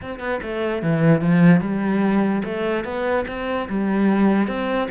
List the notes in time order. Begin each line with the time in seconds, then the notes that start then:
0.01 C4
0.19 B3
0.42 A3
0.82 E3
1.21 F3
1.60 G3
2.44 A3
2.84 B3
3.27 C4
3.69 G3
4.47 C4